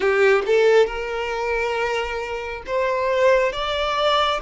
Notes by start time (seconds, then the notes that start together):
0.00 G4
0.46 A4
0.86 A#4
2.66 C5
3.52 D5